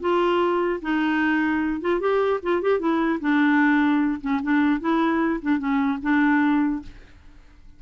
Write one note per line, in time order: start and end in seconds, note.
0.00 0.80 F4
0.82 1.81 D#4
1.81 2.00 F4
2.00 2.40 G4
2.42 2.61 F4
2.61 2.79 G4
2.79 3.19 E4
3.20 4.20 D4
4.21 4.41 C#4
4.42 4.80 D4
4.80 5.40 E4
5.41 5.58 D4
5.58 5.98 C#4
6.02 6.82 D4